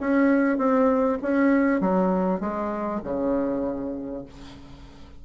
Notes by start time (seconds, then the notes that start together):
0.00 C#4
0.58 C4
1.22 C#4
1.80 F#3
2.40 G#3
3.04 C#3